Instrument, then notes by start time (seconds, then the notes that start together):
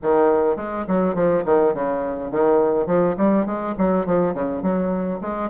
bassoon
0.02 D#3
0.56 G#3
0.87 F#3
1.14 F3
1.45 D#3
1.74 C#3
2.31 D#3
2.86 F3
3.17 G3
3.46 G#3
3.78 F#3
4.05 F3
4.33 C#3
4.62 F#3
5.21 G#3